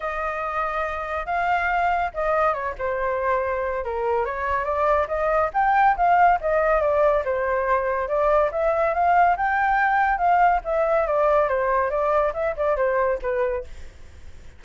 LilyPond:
\new Staff \with { instrumentName = "flute" } { \time 4/4 \tempo 4 = 141 dis''2. f''4~ | f''4 dis''4 cis''8 c''4.~ | c''4 ais'4 cis''4 d''4 | dis''4 g''4 f''4 dis''4 |
d''4 c''2 d''4 | e''4 f''4 g''2 | f''4 e''4 d''4 c''4 | d''4 e''8 d''8 c''4 b'4 | }